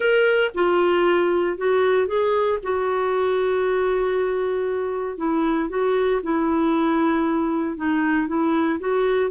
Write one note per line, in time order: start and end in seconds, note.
0.00 0.51 A#4
0.54 1.57 F4
1.57 2.07 F#4
2.07 2.59 G#4
2.62 5.17 F#4
5.17 5.69 E4
5.69 6.21 F#4
6.22 7.76 E4
7.76 8.27 D#4
8.27 8.79 E4
8.79 9.30 F#4